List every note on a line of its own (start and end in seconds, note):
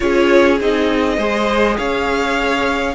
0.00 0.60 C#4
0.00 0.58 F4
0.00 1.17 G#4
0.00 0.58 C#5
0.60 1.17 C4
0.60 1.18 D#4
0.60 1.77 D#5
1.17 1.77 G#3
1.17 2.94 G#4
1.17 1.76 C5
1.77 2.94 C#4
1.77 2.94 C#5
1.77 2.94 F5